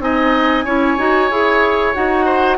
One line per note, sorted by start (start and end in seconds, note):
0.00 0.65 C4
0.00 0.65 D#4
0.00 0.65 D#5
0.00 1.95 G#5
0.65 0.98 C#4
0.65 0.98 E4
0.65 2.26 C#5
0.98 1.31 D#4
0.98 1.30 F#4
1.31 1.95 E4
1.31 1.95 G#4
1.95 2.58 D#4
1.95 2.58 F#4
1.95 2.58 F#5
2.26 2.58 C5